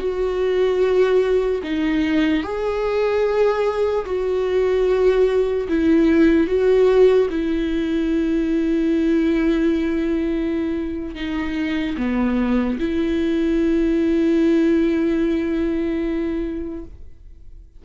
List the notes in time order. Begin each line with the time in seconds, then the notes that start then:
0.00 F#4
1.64 D#4
2.44 G#4
4.06 F#4
5.69 E4
6.48 F#4
7.31 E4
11.16 D#4
11.98 B3
12.80 E4